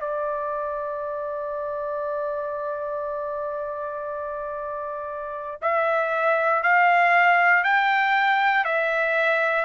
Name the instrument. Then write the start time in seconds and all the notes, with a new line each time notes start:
trumpet
0.00 D5
5.62 E5
6.63 F5
7.63 G5
8.64 E5